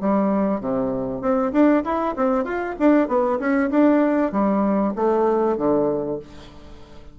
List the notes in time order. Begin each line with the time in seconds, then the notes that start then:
0.00 G3
0.60 C3
1.21 C4
1.52 D4
1.84 E4
2.16 C4
2.44 F4
2.79 D4
3.08 B3
3.39 C#4
3.70 D4
4.32 G3
4.95 A3
5.57 D3